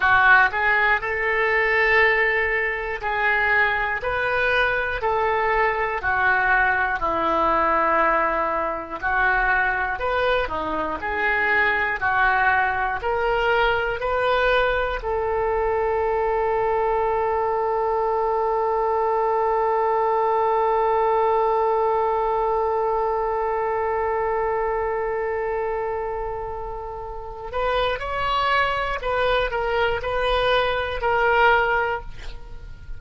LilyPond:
\new Staff \with { instrumentName = "oboe" } { \time 4/4 \tempo 4 = 60 fis'8 gis'8 a'2 gis'4 | b'4 a'4 fis'4 e'4~ | e'4 fis'4 b'8 dis'8 gis'4 | fis'4 ais'4 b'4 a'4~ |
a'1~ | a'1~ | a'2.~ a'8 b'8 | cis''4 b'8 ais'8 b'4 ais'4 | }